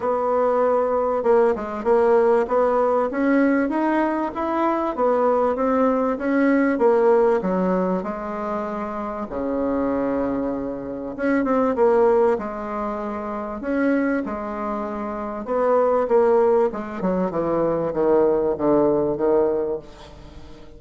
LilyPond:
\new Staff \with { instrumentName = "bassoon" } { \time 4/4 \tempo 4 = 97 b2 ais8 gis8 ais4 | b4 cis'4 dis'4 e'4 | b4 c'4 cis'4 ais4 | fis4 gis2 cis4~ |
cis2 cis'8 c'8 ais4 | gis2 cis'4 gis4~ | gis4 b4 ais4 gis8 fis8 | e4 dis4 d4 dis4 | }